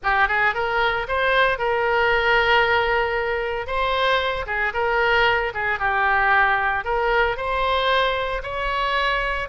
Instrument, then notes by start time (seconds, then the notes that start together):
oboe
0.03 G4
0.28 G#4
0.54 A#4
1.08 C5
1.58 A#4
3.66 C5
4.46 G#4
4.73 A#4
5.54 G#4
5.79 G4
6.84 A#4
7.36 C5
8.43 C#5